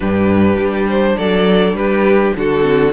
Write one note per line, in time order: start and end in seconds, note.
0.00 0.56 G2
0.00 2.61 D4
0.00 1.17 G4
0.00 0.87 B4
0.56 1.15 G3
0.88 1.17 C5
1.17 1.73 F#3
1.17 1.76 A4
1.17 1.75 D5
1.73 2.32 G3
1.73 2.36 G4
1.73 2.34 B4
2.36 2.93 D3
2.36 2.93 F#4
2.36 2.93 A4
2.61 2.90 C4